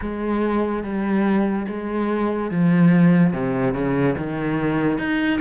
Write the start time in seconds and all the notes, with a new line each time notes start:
0.01 G#3
0.83 G3
1.67 G#3
2.50 F3
3.33 C3
3.73 C#3
4.17 D#3
4.98 D#4